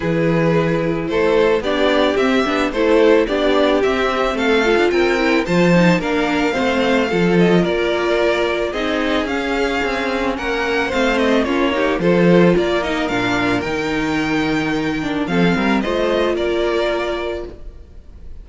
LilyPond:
<<
  \new Staff \with { instrumentName = "violin" } { \time 4/4 \tempo 4 = 110 b'2 c''4 d''4 | e''4 c''4 d''4 e''4 | f''4 g''4 a''4 f''4~ | f''4. dis''8 d''2 |
dis''4 f''2 fis''4 | f''8 dis''8 cis''4 c''4 d''8 dis''8 | f''4 g''2. | f''4 dis''4 d''2 | }
  \new Staff \with { instrumentName = "violin" } { \time 4/4 gis'2 a'4 g'4~ | g'4 a'4 g'2 | a'4 ais'4 c''4 ais'4 | c''4 a'4 ais'2 |
gis'2. ais'4 | c''4 f'8 g'8 a'4 ais'4~ | ais'1 | a'8 ais'8 c''4 ais'2 | }
  \new Staff \with { instrumentName = "viola" } { \time 4/4 e'2. d'4 | c'8 d'8 e'4 d'4 c'4~ | c'8 f'4 e'8 f'8 dis'8 d'4 | c'4 f'2. |
dis'4 cis'2. | c'4 cis'8 dis'8 f'4. dis'8 | d'4 dis'2~ dis'8 d'8 | c'4 f'2. | }
  \new Staff \with { instrumentName = "cello" } { \time 4/4 e2 a4 b4 | c'8 b8 a4 b4 c'4 | a8. d'16 c'4 f4 ais4 | a4 f4 ais2 |
c'4 cis'4 c'4 ais4 | a4 ais4 f4 ais4 | ais,4 dis2. | f8 g8 a4 ais2 | }
>>